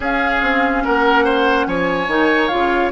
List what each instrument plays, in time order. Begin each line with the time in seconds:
0.00 bassoon C#4, clarinet C#4, oboe G#4, flute F5
0.41 bassoon C4
0.84 bassoon A#3, oboe A#4, flute F#5
1.24 oboe C5
1.66 bassoon F3, oboe C#5, flute G#5
2.07 bassoon D#3, clarinet D#4
2.48 bassoon C#3, clarinet F4, flute F5